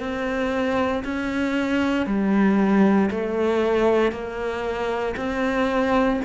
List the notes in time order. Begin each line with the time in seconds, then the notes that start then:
0.00 C4
1.04 C#4
2.06 G3
3.10 A3
4.11 A#3
5.17 C4